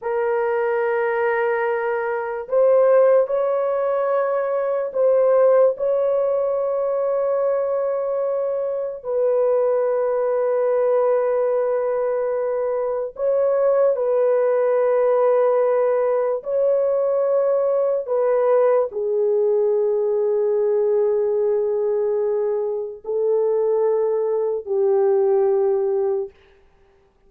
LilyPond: \new Staff \with { instrumentName = "horn" } { \time 4/4 \tempo 4 = 73 ais'2. c''4 | cis''2 c''4 cis''4~ | cis''2. b'4~ | b'1 |
cis''4 b'2. | cis''2 b'4 gis'4~ | gis'1 | a'2 g'2 | }